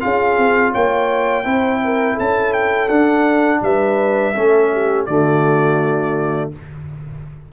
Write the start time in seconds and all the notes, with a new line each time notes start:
0.00 C#4 F4 G#4 F5
0.37 C4
0.72 A#3 C#5 G5
1.44 C4 E4 C5
1.84 A#4
2.14 C#4 A4 A5
2.53 G5
2.89 D4 F#5
3.62 G3 B4 E5
4.35 A3 C#4 A4
4.73 G4
5.06 D3 A3 F#4 D5